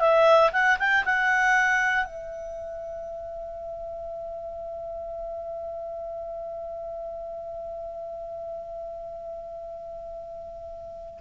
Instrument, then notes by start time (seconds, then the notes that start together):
clarinet
0.00 E5
0.53 F#5
0.79 G5
1.05 F#5
2.05 E5